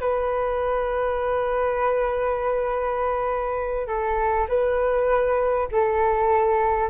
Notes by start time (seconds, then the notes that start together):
0.00 B4
3.88 A4
4.49 B4
5.72 A4